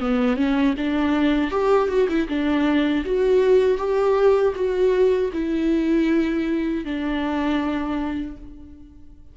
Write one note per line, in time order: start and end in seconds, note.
0.00 0.37 B3
0.37 0.75 C#4
0.77 1.51 D4
1.51 1.89 G4
1.89 2.08 F#4
2.09 2.28 E4
2.29 3.04 D4
3.06 3.78 F#4
3.78 4.54 G4
4.56 5.32 F#4
5.33 6.85 E4
6.85 8.37 D4